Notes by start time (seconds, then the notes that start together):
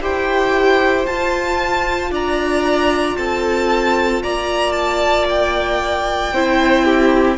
0.00 E4 G4 C5 G5
1.05 F4 A5
2.10 D4 D5 A#5
3.17 C4 A4 A5
4.23 A#3 D5 A#5
4.72 A5
5.29 G5
6.32 C4 E4 C5
6.84 G4